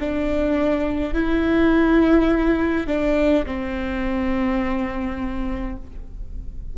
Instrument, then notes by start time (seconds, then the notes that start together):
viola
0.00 D4
1.14 E4
2.87 D4
3.46 C4